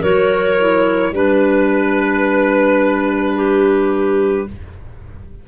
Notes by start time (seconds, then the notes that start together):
0.00 F#3 F#4 A#4 C#5
0.59 E4
1.11 G3 D4 B4
3.36 G4